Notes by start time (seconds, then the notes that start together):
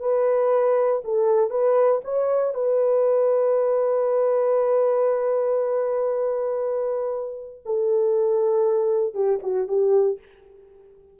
0.00 B4
1.04 A4
1.50 B4
2.04 C#5
2.54 B4
7.65 A4
9.14 G4
9.43 F#4
9.68 G4